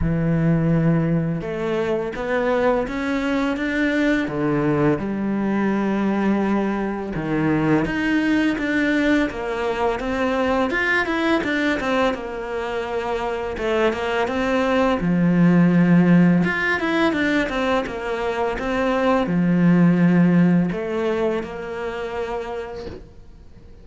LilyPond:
\new Staff \with { instrumentName = "cello" } { \time 4/4 \tempo 4 = 84 e2 a4 b4 | cis'4 d'4 d4 g4~ | g2 dis4 dis'4 | d'4 ais4 c'4 f'8 e'8 |
d'8 c'8 ais2 a8 ais8 | c'4 f2 f'8 e'8 | d'8 c'8 ais4 c'4 f4~ | f4 a4 ais2 | }